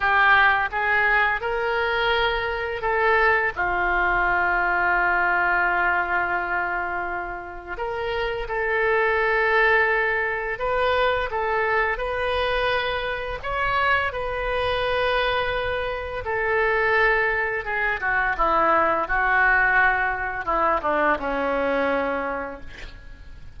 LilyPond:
\new Staff \with { instrumentName = "oboe" } { \time 4/4 \tempo 4 = 85 g'4 gis'4 ais'2 | a'4 f'2.~ | f'2. ais'4 | a'2. b'4 |
a'4 b'2 cis''4 | b'2. a'4~ | a'4 gis'8 fis'8 e'4 fis'4~ | fis'4 e'8 d'8 cis'2 | }